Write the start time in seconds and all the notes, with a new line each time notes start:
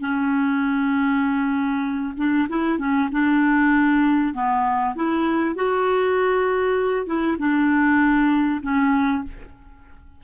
0.00 C#4
2.17 D4
2.49 E4
2.79 C#4
3.12 D4
4.34 B3
4.95 E4
5.55 F#4
7.06 E4
7.39 D4
8.62 C#4